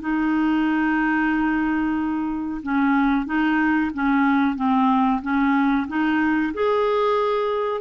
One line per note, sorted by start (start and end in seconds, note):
0.00 2.61 D#4
2.62 3.25 C#4
3.25 3.90 D#4
3.93 4.56 C#4
4.56 5.21 C4
5.21 5.87 C#4
5.87 6.52 D#4
6.53 7.81 G#4